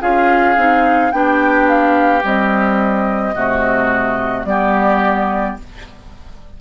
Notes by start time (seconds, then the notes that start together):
0.00 C#4 F4 G#4 F5
0.56 C4 D#4
1.11 B3 D4 G4 G5
1.68 F5
2.21 G3 C4 D#5
3.34 C3 A3 F#4
4.44 G3 B3 G4 D5